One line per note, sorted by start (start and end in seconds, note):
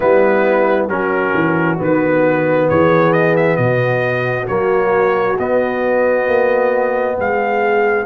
0.00 0.88 G3
0.00 0.89 B3
0.00 0.88 E4
0.00 0.85 B4
0.88 1.33 F#3
0.88 1.78 C#4
0.88 2.67 F#4
0.88 1.79 A#4
1.34 1.78 E3
1.78 2.70 D#3
1.78 4.46 B3
1.78 2.69 B4
2.69 3.58 E3
2.69 3.57 G#4
2.69 3.12 C#5
3.12 3.35 D#5
3.36 3.56 E5
3.56 4.47 B2
3.56 7.15 F#4
3.56 4.46 D#5
4.47 5.38 F#3
4.47 5.37 A#3
4.47 5.37 C#5
5.38 8.05 B3
5.38 6.27 B3
5.38 7.18 D#5
6.27 7.17 A#3
7.18 8.05 G#3
7.18 8.05 G#4
7.18 8.05 F5